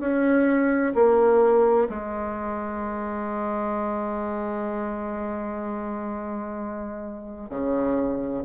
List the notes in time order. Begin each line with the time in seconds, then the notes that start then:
0.00 C#4
0.95 A#3
1.89 G#3
7.50 C#3